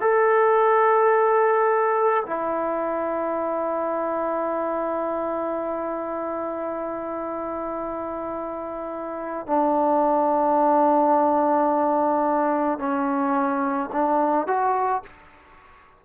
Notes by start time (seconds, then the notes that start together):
0.00 A4
2.26 E4
9.46 D4
12.78 C#4
13.92 D4
14.46 F#4